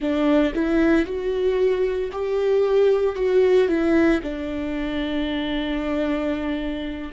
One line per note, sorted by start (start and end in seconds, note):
0.00 0.53 D4
0.54 1.05 E4
1.05 2.11 F#4
2.11 3.15 G4
3.15 3.67 F#4
3.67 4.20 E4
4.22 7.11 D4